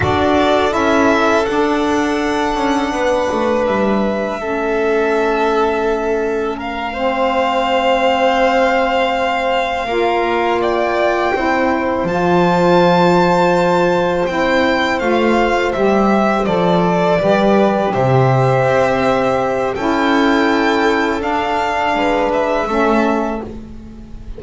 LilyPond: <<
  \new Staff \with { instrumentName = "violin" } { \time 4/4 \tempo 4 = 82 d''4 e''4 fis''2~ | fis''4 e''2.~ | e''4 f''2.~ | f''2~ f''8 g''4.~ |
g''8 a''2. g''8~ | g''8 f''4 e''4 d''4.~ | d''8 e''2~ e''8 g''4~ | g''4 f''4. e''4. | }
  \new Staff \with { instrumentName = "violin" } { \time 4/4 a'1 | b'2 a'2~ | a'4 ais'8 c''2~ c''8~ | c''4. ais'4 d''4 c''8~ |
c''1~ | c''2.~ c''8 b'8~ | b'8 c''2~ c''8 a'4~ | a'2 b'4 a'4 | }
  \new Staff \with { instrumentName = "saxophone" } { \time 4/4 fis'4 e'4 d'2~ | d'2 cis'2~ | cis'4. c'2~ c'8~ | c'4. f'2 e'8~ |
e'8 f'2. e'8~ | e'8 f'4 g'4 a'4 g'8~ | g'2. e'4~ | e'4 d'2 cis'4 | }
  \new Staff \with { instrumentName = "double bass" } { \time 4/4 d'4 cis'4 d'4. cis'8 | b8 a8 g4 a2~ | a1~ | a4. ais2 c'8~ |
c'8 f2. c'8~ | c'8 a4 g4 f4 g8~ | g8 c4 c'4. cis'4~ | cis'4 d'4 gis4 a4 | }
>>